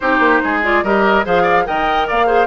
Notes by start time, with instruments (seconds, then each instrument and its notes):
0.00 bassoon C4, clarinet D#4, oboe G4, flute C5
0.19 bassoon A#3
0.43 bassoon G#3, oboe G#4
0.63 clarinet F4, flute D5
0.83 bassoon G3, clarinet G4, oboe A#4, flute D#5
1.24 bassoon F3, clarinet G#4, oboe C5, flute F5
1.42 oboe D5
1.65 bassoon D#3, clarinet A#4, oboe D#5, flute G5
2.07 bassoon A#3, oboe D5, flute F5
2.26 clarinet G#4, oboe C5